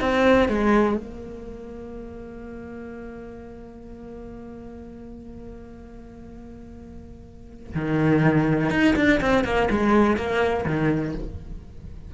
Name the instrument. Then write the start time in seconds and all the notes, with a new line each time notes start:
cello
0.00 C4
0.49 G#3
0.97 A#3
7.75 D#3
8.70 D#4
8.96 D4
9.21 C4
9.44 A#3
9.70 G#3
10.17 A#3
10.66 D#3